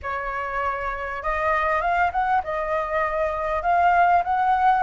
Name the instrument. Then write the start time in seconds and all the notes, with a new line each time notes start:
flute
0.02 C#5
1.23 D#5
1.81 F5
2.12 F#5
2.43 D#5
3.62 F5
4.24 F#5